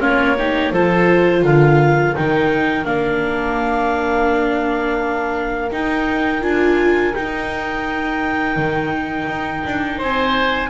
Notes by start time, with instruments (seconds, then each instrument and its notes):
0.00 double bass A#3, viola C#4, oboe F4, clarinet C#5
0.38 viola D#4, oboe G4
0.72 double bass F3, viola F4, oboe A4, clarinet C5
1.42 double bass D3, oboe A#4, clarinet F5
2.15 double bass D#3, viola D#4, clarinet G5
2.85 double bass A#3, viola D4, clarinet F5
5.72 viola D#4, double bass D#4, clarinet G5
6.41 double bass D4, viola F4, clarinet G#5
7.14 viola D#4, double bass D#4, clarinet G5
8.57 double bass D#3
9.28 double bass D#4
9.66 double bass D4
9.98 double bass C4, oboe C5, clarinet G#5